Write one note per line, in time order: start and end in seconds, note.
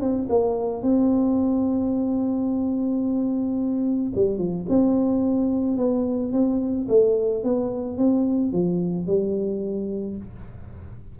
0.00 0.28 C4
0.29 0.82 A#3
0.82 4.12 C4
4.15 4.38 G3
4.38 4.65 F3
4.69 5.77 C4
5.77 6.32 B3
6.32 6.87 C4
6.88 7.43 A3
7.43 7.97 B3
7.97 8.52 C4
8.52 9.06 F3
9.06 10.16 G3